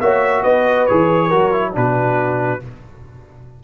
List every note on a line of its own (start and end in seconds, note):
0.00 0.44 A#3
0.00 0.88 F#4
0.00 0.42 C#5
0.00 0.43 E5
0.42 0.88 B3
0.42 1.27 B4
0.42 0.86 D#5
0.86 1.33 E3
0.86 1.30 G#4
0.86 1.73 C#5
1.27 1.76 F#3
1.27 1.52 F#4
1.27 1.71 A#4
1.52 1.72 E4
1.72 2.63 B2
1.72 2.59 D4
1.72 2.63 F#4
1.72 2.63 B4